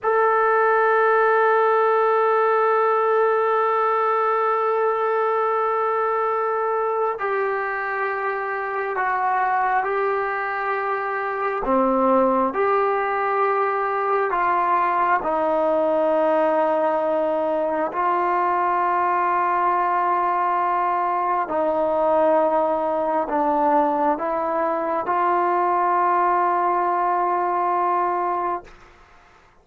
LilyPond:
\new Staff \with { instrumentName = "trombone" } { \time 4/4 \tempo 4 = 67 a'1~ | a'1 | g'2 fis'4 g'4~ | g'4 c'4 g'2 |
f'4 dis'2. | f'1 | dis'2 d'4 e'4 | f'1 | }